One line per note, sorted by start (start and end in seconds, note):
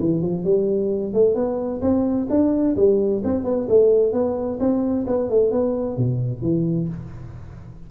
0.00 0.22 E3
0.22 0.44 F3
0.44 1.13 G3
1.13 1.35 A3
1.35 1.81 B3
1.81 2.28 C4
2.30 2.76 D4
2.77 3.23 G3
3.25 3.44 C4
3.44 3.67 B3
3.69 4.13 A3
4.13 4.59 B3
4.60 5.06 C4
5.07 5.30 B3
5.30 5.52 A3
5.52 5.97 B3
5.97 6.42 B2
6.42 6.88 E3